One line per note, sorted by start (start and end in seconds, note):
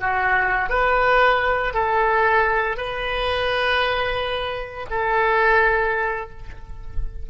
0.00 0.70 F#4
0.70 1.74 B4
1.74 2.77 A4
2.77 4.86 B4
4.91 6.30 A4